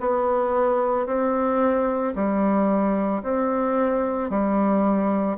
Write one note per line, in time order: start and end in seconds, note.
0.00 1.06 B3
1.06 2.13 C4
2.15 3.22 G3
3.23 4.30 C4
4.30 5.37 G3